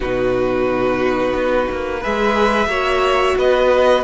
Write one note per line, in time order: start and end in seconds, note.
0.00 1.33 B2
0.00 2.01 D#4
0.00 2.00 F#4
0.00 2.03 B4
1.33 1.67 B3
1.71 2.05 A#3
2.00 2.66 G#3
2.00 2.69 G#4
2.00 2.68 B4
2.00 3.37 E5
2.66 3.34 A#3
2.66 4.03 F#4
2.66 3.37 C#5
3.37 4.03 B3
3.37 4.03 B4
3.37 4.03 D#5